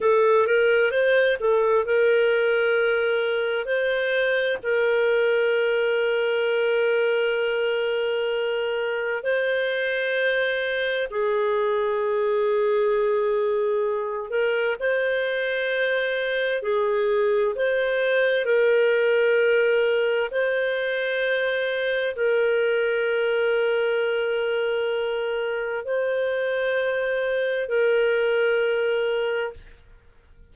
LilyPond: \new Staff \with { instrumentName = "clarinet" } { \time 4/4 \tempo 4 = 65 a'8 ais'8 c''8 a'8 ais'2 | c''4 ais'2.~ | ais'2 c''2 | gis'2.~ gis'8 ais'8 |
c''2 gis'4 c''4 | ais'2 c''2 | ais'1 | c''2 ais'2 | }